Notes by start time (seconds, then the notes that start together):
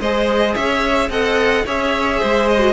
0.00 G#3 G#4 C5 D#5
0.55 C#4 C#5 E5
1.09 C4 A4 D#5 F#5
1.65 C#4 G#4 C#5 E5
2.20 G#3 C5
2.49 D#5
2.59 F#4